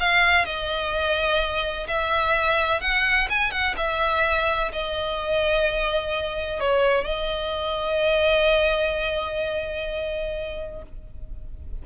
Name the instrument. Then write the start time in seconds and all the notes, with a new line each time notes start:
violin
0.00 F5
0.46 D#5
1.88 E5
2.81 F#5
3.30 G#5
3.52 F#5
3.77 E5
4.73 D#5
6.60 C#5
7.05 D#5